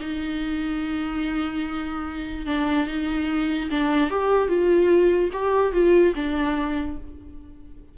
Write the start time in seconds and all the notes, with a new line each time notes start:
0.00 D#4
2.46 D4
2.87 D#4
3.71 D4
4.10 G4
4.48 F4
5.33 G4
5.73 F4
6.15 D4